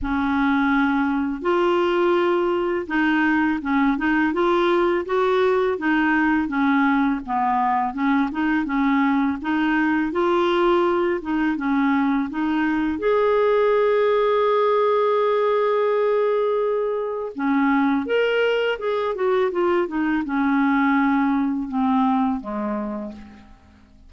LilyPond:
\new Staff \with { instrumentName = "clarinet" } { \time 4/4 \tempo 4 = 83 cis'2 f'2 | dis'4 cis'8 dis'8 f'4 fis'4 | dis'4 cis'4 b4 cis'8 dis'8 | cis'4 dis'4 f'4. dis'8 |
cis'4 dis'4 gis'2~ | gis'1 | cis'4 ais'4 gis'8 fis'8 f'8 dis'8 | cis'2 c'4 gis4 | }